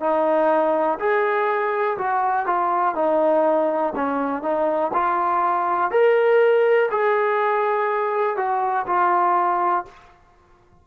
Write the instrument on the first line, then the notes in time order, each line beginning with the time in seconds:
trombone
0.00 D#4
0.99 G#4
1.98 F#4
2.46 F4
2.95 D#4
3.96 C#4
4.42 D#4
4.93 F4
5.91 A#4
6.91 G#4
8.37 F#4
8.87 F4